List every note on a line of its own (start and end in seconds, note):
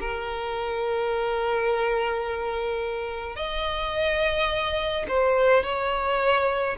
0.00 3.36 A#4
3.36 5.06 D#5
5.08 5.63 C5
5.63 6.76 C#5